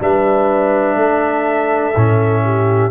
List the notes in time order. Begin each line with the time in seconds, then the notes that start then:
0.00 G3 D4 B4 E5
0.96 A3 A4
1.96 A2 C#4
2.44 G4